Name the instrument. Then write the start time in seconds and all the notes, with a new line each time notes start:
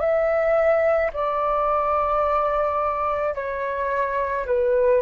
flute
0.00 E5
1.13 D5
3.35 C#5
4.46 B4